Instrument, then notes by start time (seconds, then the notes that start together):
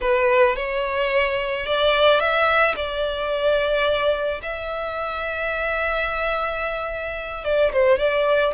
violin
0.01 B4
0.56 C#5
1.66 D5
2.19 E5
2.76 D5
4.42 E5
7.44 D5
7.72 C5
7.98 D5